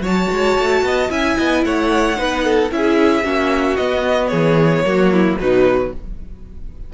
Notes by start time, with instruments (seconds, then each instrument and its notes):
0.00 cello F#3, viola F#4, violin C#5 A5
0.31 cello G#3
0.59 cello A3
0.82 cello B3, violin D#5
1.10 cello C#4, viola E4, violin E5 G#5
1.37 cello B3, violin D#5
1.64 cello A3, violin C#5 F#5
2.16 cello B3, viola D#4, violin B4
2.44 violin A4
2.70 cello C#4, viola E4, violin G#4 E5
3.23 cello A#3, viola C#4, violin F#4
3.76 cello B3, viola B3, violin D#5
4.28 cello E3, violin G#4 C#5
4.83 cello F#3, viola A#3, violin F#4
5.12 violin E4
5.39 cello B2, viola F#3, violin D#4 B4